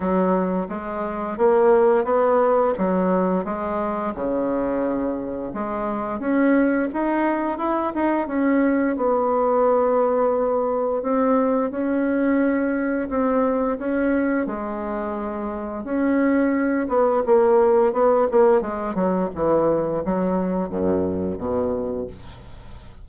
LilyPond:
\new Staff \with { instrumentName = "bassoon" } { \time 4/4 \tempo 4 = 87 fis4 gis4 ais4 b4 | fis4 gis4 cis2 | gis4 cis'4 dis'4 e'8 dis'8 | cis'4 b2. |
c'4 cis'2 c'4 | cis'4 gis2 cis'4~ | cis'8 b8 ais4 b8 ais8 gis8 fis8 | e4 fis4 fis,4 b,4 | }